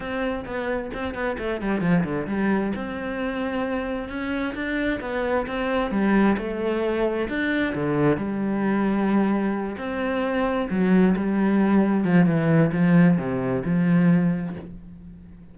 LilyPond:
\new Staff \with { instrumentName = "cello" } { \time 4/4 \tempo 4 = 132 c'4 b4 c'8 b8 a8 g8 | f8 d8 g4 c'2~ | c'4 cis'4 d'4 b4 | c'4 g4 a2 |
d'4 d4 g2~ | g4. c'2 fis8~ | fis8 g2 f8 e4 | f4 c4 f2 | }